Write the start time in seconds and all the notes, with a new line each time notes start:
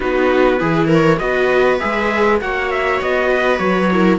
0.00 B3 D#4 F#4 B4
0.58 E3 E4 G#4
0.87 A#4
0.93 C#5
1.18 B3 F#4 B4 D#5
1.79 G#3 G#4 E5
2.41 A#3 F#4 C#5 F#5
2.70 E5
3.01 B3 D#5
3.31 B4
3.58 F#3 C#5
3.92 E4 A#4